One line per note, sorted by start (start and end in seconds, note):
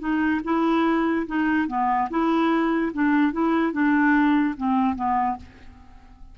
0.00 0.41 D#4
0.44 1.27 E4
1.27 1.68 D#4
1.68 2.09 B3
2.10 2.93 E4
2.93 3.33 D4
3.33 3.73 E4
3.73 4.55 D4
4.57 4.96 C4
4.96 5.37 B3